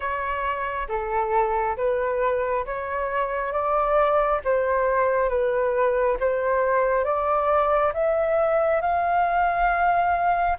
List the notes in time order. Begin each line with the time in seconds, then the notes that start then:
0.00 C#5
0.88 A4
1.76 B4
2.65 C#5
3.52 D5
4.44 C5
5.29 B4
6.20 C5
7.04 D5
7.93 E5
8.81 F5